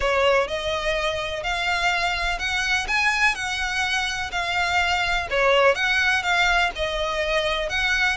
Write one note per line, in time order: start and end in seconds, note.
0.00 0.47 C#5
0.47 1.43 D#5
1.43 2.38 F5
2.38 2.86 F#5
2.87 3.34 G#5
3.34 4.30 F#5
4.31 5.27 F5
5.30 5.74 C#5
5.74 6.22 F#5
6.23 6.71 F5
6.75 7.69 D#5
7.69 8.16 F#5